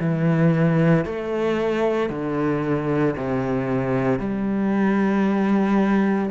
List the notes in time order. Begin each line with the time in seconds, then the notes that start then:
0.00 E3
1.05 A3
2.10 D3
3.16 C3
4.20 G3